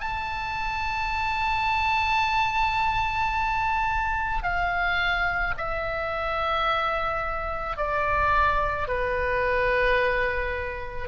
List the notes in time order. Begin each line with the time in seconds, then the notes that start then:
0.00 A5
4.43 F5
5.57 E5
7.77 D5
8.87 B4